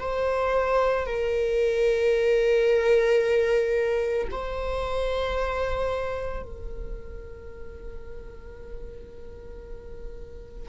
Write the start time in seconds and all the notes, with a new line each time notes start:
0.00 C5
1.07 A#4
4.31 C5
6.43 A#4